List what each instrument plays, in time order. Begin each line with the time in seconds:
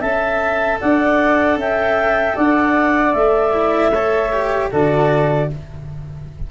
0.00 tuba C#4, cello A4, flute E5, clarinet A5
0.80 tuba D4, flute D5, clarinet F#5
1.56 tuba C#4, flute E5, clarinet G5
2.35 tuba D4, flute D5, clarinet F#5
3.13 tuba A3, clarinet E5
3.53 cello E4
3.92 cello A4, flute C#5
4.32 cello G4
4.71 tuba D3, cello F#4, flute A4, clarinet D5